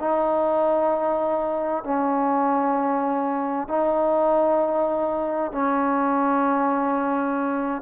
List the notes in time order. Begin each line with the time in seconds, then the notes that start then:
0.00 D#4
1.84 C#4
3.69 D#4
5.52 C#4